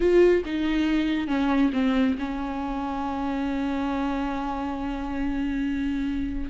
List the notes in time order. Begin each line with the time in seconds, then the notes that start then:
0.00 F4
0.45 D#4
1.27 C#4
1.73 C4
2.19 C#4